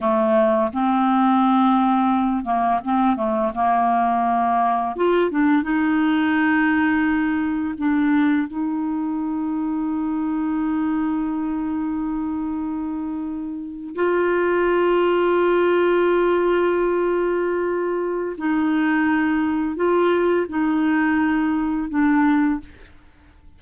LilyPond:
\new Staff \with { instrumentName = "clarinet" } { \time 4/4 \tempo 4 = 85 a4 c'2~ c'8 ais8 | c'8 a8 ais2 f'8 d'8 | dis'2. d'4 | dis'1~ |
dis'2.~ dis'8. f'16~ | f'1~ | f'2 dis'2 | f'4 dis'2 d'4 | }